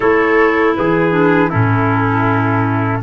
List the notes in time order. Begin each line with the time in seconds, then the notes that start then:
0.00 A3 E4 A4 C#5
0.75 E3 G#4 B4
1.11 D4
1.49 A2 C#4 E4 A4